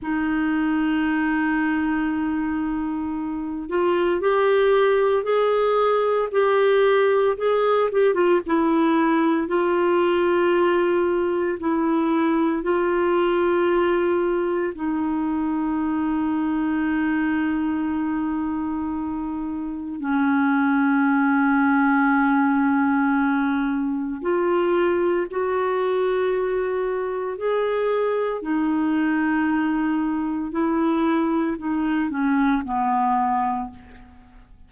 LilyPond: \new Staff \with { instrumentName = "clarinet" } { \time 4/4 \tempo 4 = 57 dis'2.~ dis'8 f'8 | g'4 gis'4 g'4 gis'8 g'16 f'16 | e'4 f'2 e'4 | f'2 dis'2~ |
dis'2. cis'4~ | cis'2. f'4 | fis'2 gis'4 dis'4~ | dis'4 e'4 dis'8 cis'8 b4 | }